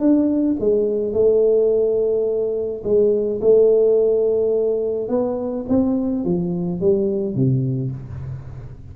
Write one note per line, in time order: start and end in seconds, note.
0.00 0.57 D4
0.60 1.13 G#3
1.13 2.83 A3
2.84 3.41 G#3
3.41 5.09 A3
5.09 5.66 B3
5.69 6.25 C4
6.25 6.81 F3
6.81 7.35 G3
7.35 7.92 C3